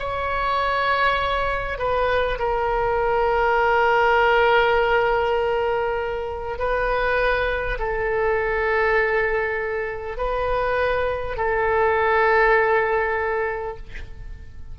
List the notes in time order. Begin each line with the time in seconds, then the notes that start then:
0.00 C#5
1.79 B4
2.39 A#4
6.59 B4
7.79 A4
10.18 B4
11.37 A4